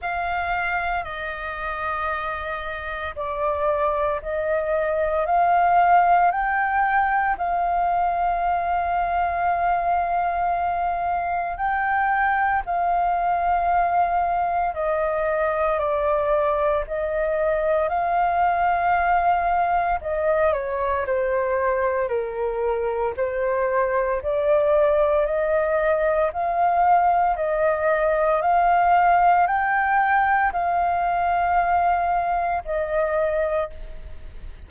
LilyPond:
\new Staff \with { instrumentName = "flute" } { \time 4/4 \tempo 4 = 57 f''4 dis''2 d''4 | dis''4 f''4 g''4 f''4~ | f''2. g''4 | f''2 dis''4 d''4 |
dis''4 f''2 dis''8 cis''8 | c''4 ais'4 c''4 d''4 | dis''4 f''4 dis''4 f''4 | g''4 f''2 dis''4 | }